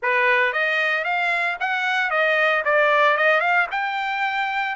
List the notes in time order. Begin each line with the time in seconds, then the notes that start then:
0.02 B4
0.52 D#5
1.04 F5
1.60 F#5
2.10 D#5
2.64 D5
3.17 D#5
3.40 F5
3.71 G5